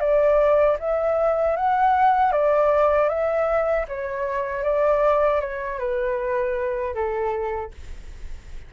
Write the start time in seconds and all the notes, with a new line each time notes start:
0.00 D5
0.79 E5
1.57 F#5
2.32 D5
3.09 E5
3.88 C#5
4.63 D5
5.41 C#5
5.79 B4
6.94 A4